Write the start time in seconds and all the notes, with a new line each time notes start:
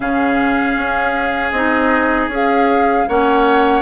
0.00 C#3 C#4 G#4 F5
0.76 C#4
1.51 C4 D#4 D#5
2.27 C#4 G#4
2.34 F5
3.08 A#3 C#4 C#5 F#5